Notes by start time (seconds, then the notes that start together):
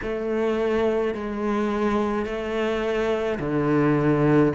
0.02 A3
1.14 G#3
2.25 A3
3.39 D3